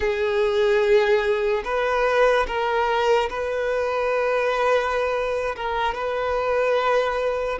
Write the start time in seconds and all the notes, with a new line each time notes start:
0.00 G#4
1.64 B4
2.47 A#4
3.29 B4
5.56 A#4
5.94 B4